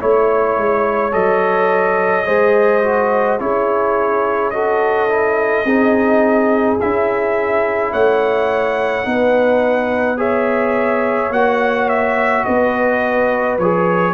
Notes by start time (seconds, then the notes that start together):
0.00 A3 E4 C#5
0.58 G#3
1.12 F#3 A4 D#5
2.26 G#3 G#4 C5
2.83 F#4
3.39 C#4 E4 G#4 C#5
4.51 F#4 A4 D#5
5.09 E4
5.65 C4 D#4 G#4
6.81 C#4 E4 E5
7.92 A3 C#5 F#5
9.04 B3 D#4 B4
10.18 G#4 C#5 E5
11.31 A#3 F#4 F#5
11.89 E5
12.45 B3 B4 D#5
13.58 F3 G#4 C#5